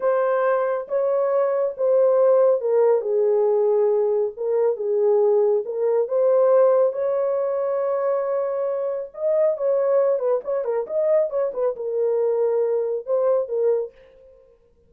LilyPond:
\new Staff \with { instrumentName = "horn" } { \time 4/4 \tempo 4 = 138 c''2 cis''2 | c''2 ais'4 gis'4~ | gis'2 ais'4 gis'4~ | gis'4 ais'4 c''2 |
cis''1~ | cis''4 dis''4 cis''4. b'8 | cis''8 ais'8 dis''4 cis''8 b'8 ais'4~ | ais'2 c''4 ais'4 | }